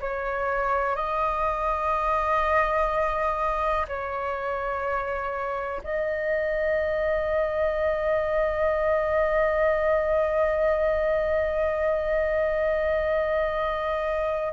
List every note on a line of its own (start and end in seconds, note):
0.00 0.95 C#5
0.95 3.86 D#5
3.88 5.82 C#5
5.83 14.52 D#5